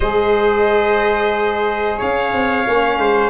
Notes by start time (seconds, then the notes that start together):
0.00 G#3 G#4 C5 D#5
1.97 C#4 C#5 F5
2.32 C4
2.65 A#3 C#4
2.97 G#3 C5